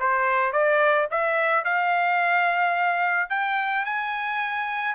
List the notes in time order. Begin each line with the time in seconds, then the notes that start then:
0.00 C5
0.53 D5
1.11 E5
1.65 F5
3.30 G5
3.86 G#5